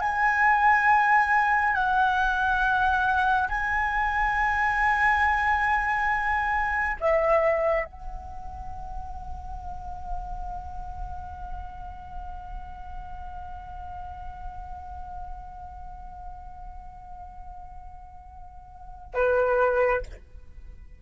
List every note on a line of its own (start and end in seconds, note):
0.00 1.74 G#5
1.74 3.48 F#5
3.49 6.96 G#5
7.00 7.85 E5
7.85 19.14 F#5
19.14 20.01 B4